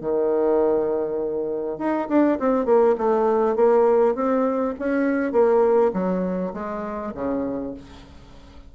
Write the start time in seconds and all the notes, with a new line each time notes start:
0.00 D#3
1.78 D#4
2.08 D4
2.39 C4
2.65 A#3
2.97 A3
3.55 A#3
4.14 C4
4.78 C#4
5.32 A#3
5.93 F#3
6.53 G#3
7.14 C#3